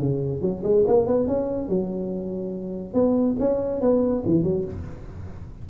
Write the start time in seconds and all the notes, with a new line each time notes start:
0.00 C#3
0.42 F#3
0.64 G#3
0.88 A#3
1.07 B3
1.28 C#4
1.69 F#3
2.94 B3
3.40 C#4
3.81 B3
4.26 E3
4.44 F#3